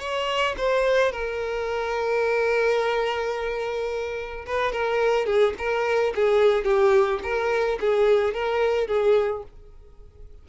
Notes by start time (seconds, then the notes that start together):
0.00 C#5
0.58 C5
1.12 A#4
4.47 B4
4.73 A#4
5.26 G#4
5.59 A#4
6.15 G#4
6.65 G4
7.23 A#4
7.81 G#4
8.34 A#4
8.88 G#4